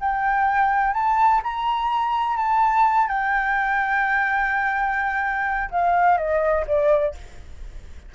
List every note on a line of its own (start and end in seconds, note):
0.00 0.94 G5
0.94 1.41 A5
1.43 2.36 A#5
2.36 3.08 A5
3.08 5.70 G5
5.71 6.17 F5
6.17 6.65 D#5
6.67 7.15 D5